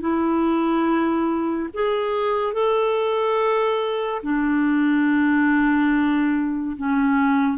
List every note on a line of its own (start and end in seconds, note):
0.00 1.69 E4
1.73 2.53 G#4
2.53 4.22 A4
4.23 6.76 D4
6.76 7.57 C#4